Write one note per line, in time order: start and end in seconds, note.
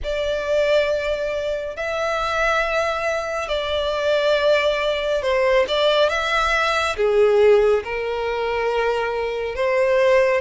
0.03 1.76 D5
1.76 3.48 E5
3.48 5.22 D5
5.22 5.65 C5
5.68 6.09 D5
6.09 6.96 E5
6.96 7.83 G#4
7.83 9.55 A#4
9.55 10.40 C5